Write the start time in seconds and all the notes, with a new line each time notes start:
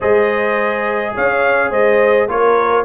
0.00 G#3 G#4 C5 D#5
1.14 C#4 C#5 F5
1.70 G#3 C5 D#5
2.28 A#3 F4 A#4 C#5